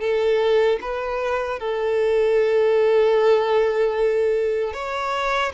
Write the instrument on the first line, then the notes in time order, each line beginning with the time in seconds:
violin
0.00 A4
0.81 B4
1.59 A4
4.73 C#5